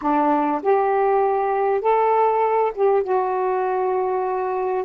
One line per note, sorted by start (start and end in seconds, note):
0.01 0.62 D4
0.62 1.81 G4
1.81 2.72 A4
2.74 3.03 G4
3.03 4.84 F#4